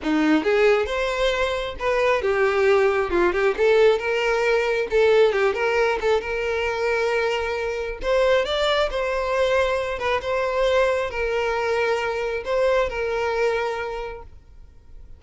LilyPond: \new Staff \with { instrumentName = "violin" } { \time 4/4 \tempo 4 = 135 dis'4 gis'4 c''2 | b'4 g'2 f'8 g'8 | a'4 ais'2 a'4 | g'8 ais'4 a'8 ais'2~ |
ais'2 c''4 d''4 | c''2~ c''8 b'8 c''4~ | c''4 ais'2. | c''4 ais'2. | }